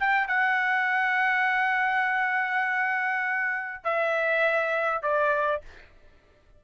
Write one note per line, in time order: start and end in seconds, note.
0.00 0.28 G5
0.28 3.84 F#5
3.84 5.03 E5
5.03 5.62 D5